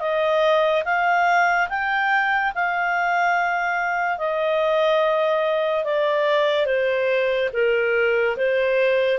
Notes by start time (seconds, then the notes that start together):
0.00 D#5
0.85 F5
1.69 G5
2.55 F5
4.18 D#5
5.85 D5
6.66 C5
7.53 A#4
8.37 C5